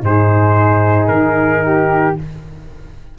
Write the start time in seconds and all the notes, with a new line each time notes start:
0.00 G#2 D#4 G#4 C5
1.08 D#3 A#4
1.65 G4